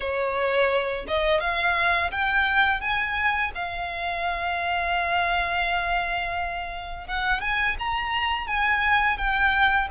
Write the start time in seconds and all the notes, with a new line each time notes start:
0.00 C#5
1.07 D#5
1.40 F5
2.11 G5
2.80 G#5
3.55 F5
7.07 F#5
7.41 G#5
7.78 A#5
8.47 G#5
9.17 G5